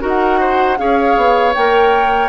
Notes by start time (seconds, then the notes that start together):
0.00 D#4 F#4 A#4
0.07 F#5
0.40 C5
0.77 C#4 G#4 C#5 F5
1.16 B3
1.54 A#3 A#4 G5